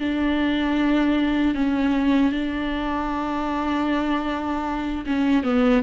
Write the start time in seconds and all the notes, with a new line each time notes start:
0.00 D4
1.55 C#4
2.32 D4
5.06 C#4
5.44 B3